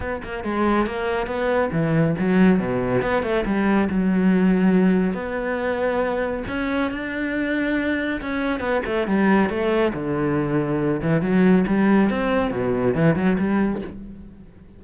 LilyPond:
\new Staff \with { instrumentName = "cello" } { \time 4/4 \tempo 4 = 139 b8 ais8 gis4 ais4 b4 | e4 fis4 b,4 b8 a8 | g4 fis2. | b2. cis'4 |
d'2. cis'4 | b8 a8 g4 a4 d4~ | d4. e8 fis4 g4 | c'4 b,4 e8 fis8 g4 | }